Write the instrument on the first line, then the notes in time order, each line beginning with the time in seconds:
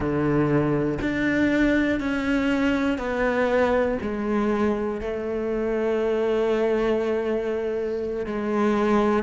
cello
0.00 D3
1.00 D4
2.00 C#4
2.98 B3
4.01 G#3
5.00 A3
8.25 G#3